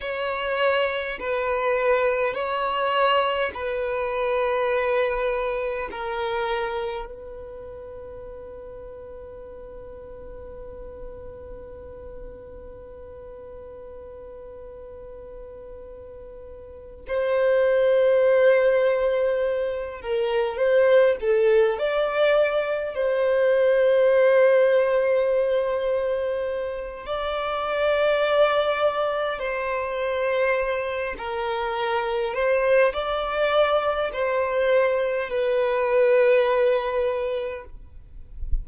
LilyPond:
\new Staff \with { instrumentName = "violin" } { \time 4/4 \tempo 4 = 51 cis''4 b'4 cis''4 b'4~ | b'4 ais'4 b'2~ | b'1~ | b'2~ b'8 c''4.~ |
c''4 ais'8 c''8 a'8 d''4 c''8~ | c''2. d''4~ | d''4 c''4. ais'4 c''8 | d''4 c''4 b'2 | }